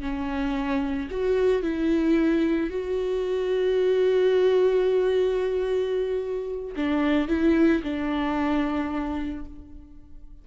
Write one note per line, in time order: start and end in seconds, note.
0.00 1.08 C#4
1.11 1.62 F#4
1.62 2.70 E4
2.70 6.75 F#4
6.76 7.28 D4
7.28 7.82 E4
7.83 9.45 D4